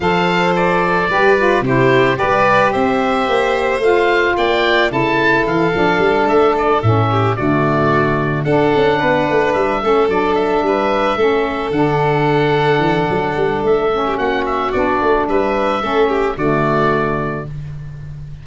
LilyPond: <<
  \new Staff \with { instrumentName = "oboe" } { \time 4/4 \tempo 4 = 110 f''4 d''2 c''4 | d''4 e''2 f''4 | g''4 a''4 f''4. e''8 | d''8 e''4 d''2 fis''8~ |
fis''4. e''4 d''8 e''4~ | e''4. fis''2~ fis''8~ | fis''4 e''4 fis''8 e''8 d''4 | e''2 d''2 | }
  \new Staff \with { instrumentName = "violin" } { \time 4/4 c''2 b'4 g'4 | b'4 c''2. | d''4 a'2.~ | a'4 g'8 fis'2 a'8~ |
a'8 b'4. a'4. b'8~ | b'8 a'2.~ a'8~ | a'4.~ a'16 g'16 fis'2 | b'4 a'8 g'8 fis'2 | }
  \new Staff \with { instrumentName = "saxophone" } { \time 4/4 a'2 g'8 f'8 e'4 | g'2. f'4~ | f'4 e'4. d'4.~ | d'8 cis'4 a2 d'8~ |
d'2 cis'8 d'4.~ | d'8 cis'4 d'2~ d'8~ | d'4. cis'4. d'4~ | d'4 cis'4 a2 | }
  \new Staff \with { instrumentName = "tuba" } { \time 4/4 f2 g4 c4 | g4 c'4 ais4 a4 | ais4 cis4 e8 f8 g8 a8~ | a8 a,4 d2 d'8 |
cis'8 b8 a8 g8 a8 fis4 g8~ | g8 a4 d2 e8 | fis8 g8 a4 ais4 b8 a8 | g4 a4 d2 | }
>>